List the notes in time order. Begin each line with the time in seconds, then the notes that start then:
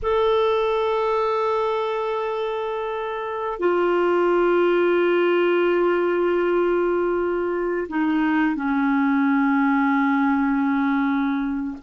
0.02 A4
3.59 F4
7.88 D#4
8.55 C#4